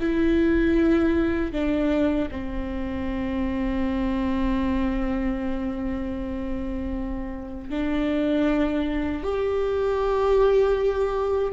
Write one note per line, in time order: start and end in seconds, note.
0.00 1.52 E4
1.52 2.29 D4
2.31 7.70 C4
7.70 9.23 D4
9.23 11.53 G4